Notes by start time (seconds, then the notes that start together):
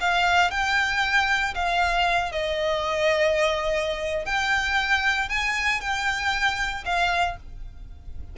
0.00 F5
0.51 G5
1.55 F5
2.32 D#5
4.26 G5
5.29 G#5
5.81 G5
6.85 F5